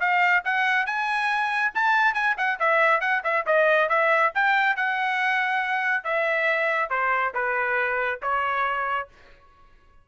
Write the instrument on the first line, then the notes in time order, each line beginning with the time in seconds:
trumpet
0.00 F5
0.44 F#5
0.86 G#5
1.74 A5
2.14 G#5
2.37 F#5
2.59 E5
3.00 F#5
3.24 E5
3.46 D#5
3.89 E5
4.35 G5
4.76 F#5
6.04 E5
6.90 C5
7.34 B4
8.22 C#5